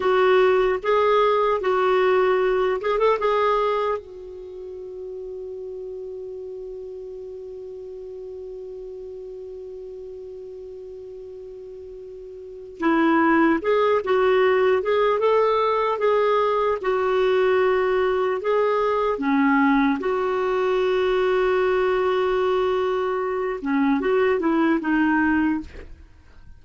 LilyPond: \new Staff \with { instrumentName = "clarinet" } { \time 4/4 \tempo 4 = 75 fis'4 gis'4 fis'4. gis'16 a'16 | gis'4 fis'2.~ | fis'1~ | fis'1 |
e'4 gis'8 fis'4 gis'8 a'4 | gis'4 fis'2 gis'4 | cis'4 fis'2.~ | fis'4. cis'8 fis'8 e'8 dis'4 | }